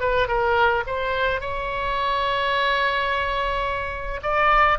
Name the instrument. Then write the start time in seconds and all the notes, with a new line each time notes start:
oboe
0.00 B4
0.27 A#4
0.86 C5
1.40 C#5
4.22 D5